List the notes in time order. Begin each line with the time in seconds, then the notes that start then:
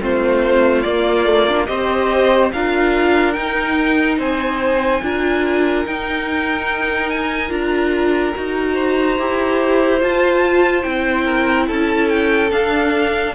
0.00 A3 C4 F4 C5
0.82 A#3 D5
1.25 A3
1.48 D4
1.65 C4 G4 C5 D#5
2.52 D4 F4 A#4 F5
3.32 D#4 G5
4.18 C4 C5 G#5
5.02 D4 F4 A#4
5.85 D#4 G5
7.10 G#5
7.49 D4 F4 A#5
8.36 D#4 F#4
8.74 C5
9.19 E4 G4
9.99 F4 A5
10.82 C4 E4 G5
11.24 A#4
11.67 C#4 A4 A5
12.09 G5
12.51 D4 F5